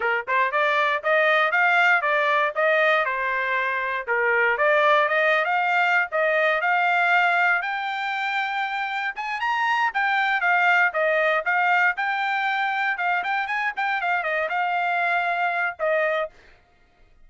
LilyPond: \new Staff \with { instrumentName = "trumpet" } { \time 4/4 \tempo 4 = 118 ais'8 c''8 d''4 dis''4 f''4 | d''4 dis''4 c''2 | ais'4 d''4 dis''8. f''4~ f''16 | dis''4 f''2 g''4~ |
g''2 gis''8 ais''4 g''8~ | g''8 f''4 dis''4 f''4 g''8~ | g''4. f''8 g''8 gis''8 g''8 f''8 | dis''8 f''2~ f''8 dis''4 | }